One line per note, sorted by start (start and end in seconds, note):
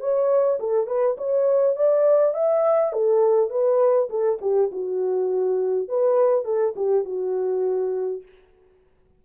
0.00 0.59 C#5
0.60 0.87 A4
0.87 1.17 B4
1.18 1.76 C#5
1.76 2.34 D5
2.34 2.93 E5
2.93 3.50 A4
3.50 4.09 B4
4.10 4.39 A4
4.41 4.71 G4
4.72 5.89 F#4
5.89 6.45 B4
6.45 6.74 A4
6.76 7.05 G4
7.05 8.22 F#4